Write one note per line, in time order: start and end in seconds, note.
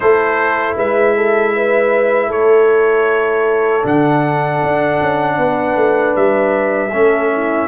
0.00 0.76 A3
0.00 3.82 E4
0.00 0.75 A4
0.00 0.76 C5
0.75 2.29 G#3
0.75 1.14 B4
0.75 2.31 E5
1.16 1.54 A4
1.56 2.27 B4
2.27 3.83 A3
2.27 5.35 A4
2.27 3.85 C#5
3.82 4.61 D3
3.82 6.90 D4
3.82 6.16 F#5
4.62 5.00 D4
5.01 5.37 C#4
5.37 5.76 B3
5.37 6.92 B4
5.76 6.14 A3
6.16 6.92 G3
6.16 7.68 E5
6.92 7.68 A3
6.92 7.68 C#4
6.92 7.32 A4
7.32 7.68 E4